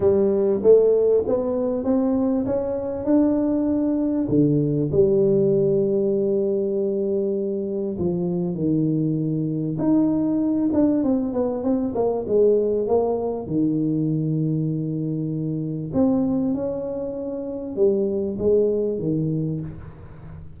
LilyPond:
\new Staff \with { instrumentName = "tuba" } { \time 4/4 \tempo 4 = 98 g4 a4 b4 c'4 | cis'4 d'2 d4 | g1~ | g4 f4 dis2 |
dis'4. d'8 c'8 b8 c'8 ais8 | gis4 ais4 dis2~ | dis2 c'4 cis'4~ | cis'4 g4 gis4 dis4 | }